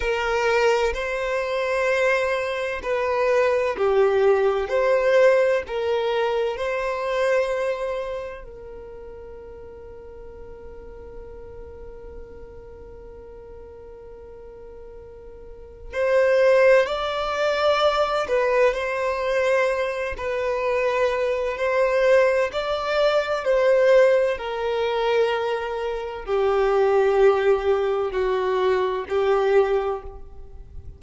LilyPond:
\new Staff \with { instrumentName = "violin" } { \time 4/4 \tempo 4 = 64 ais'4 c''2 b'4 | g'4 c''4 ais'4 c''4~ | c''4 ais'2.~ | ais'1~ |
ais'4 c''4 d''4. b'8 | c''4. b'4. c''4 | d''4 c''4 ais'2 | g'2 fis'4 g'4 | }